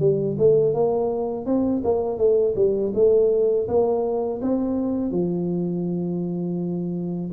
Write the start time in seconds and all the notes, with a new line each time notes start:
0.00 G3
0.39 A3
0.75 A#3
1.46 C4
1.85 A#3
2.18 A3
2.56 G3
2.95 A3
3.68 A#3
4.42 C4
5.12 F3